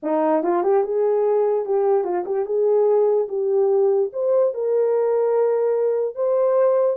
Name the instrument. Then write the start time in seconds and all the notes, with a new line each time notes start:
horn
0.02 D#4
0.43 F4
0.63 G4
0.83 G#4
1.65 G4
2.03 F4
2.25 G4
2.45 G#4
3.28 G4
4.12 C5
4.54 A#4
6.15 C5